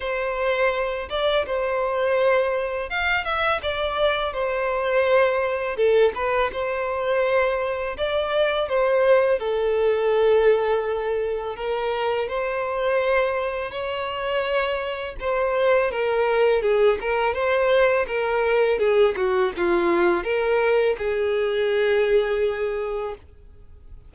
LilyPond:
\new Staff \with { instrumentName = "violin" } { \time 4/4 \tempo 4 = 83 c''4. d''8 c''2 | f''8 e''8 d''4 c''2 | a'8 b'8 c''2 d''4 | c''4 a'2. |
ais'4 c''2 cis''4~ | cis''4 c''4 ais'4 gis'8 ais'8 | c''4 ais'4 gis'8 fis'8 f'4 | ais'4 gis'2. | }